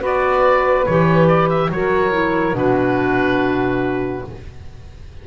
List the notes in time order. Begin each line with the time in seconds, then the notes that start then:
0.00 B3 F#4 B4 D5
0.86 E3 G4 C#5
1.28 D5
1.49 E5
1.70 F#3 F#4 A#4 C#5
2.12 E4
2.53 B2 D4 F#4 B4